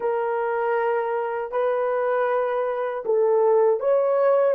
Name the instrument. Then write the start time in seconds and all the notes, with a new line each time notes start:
horn
0.00 A#4
1.51 B4
3.05 A4
3.79 C#5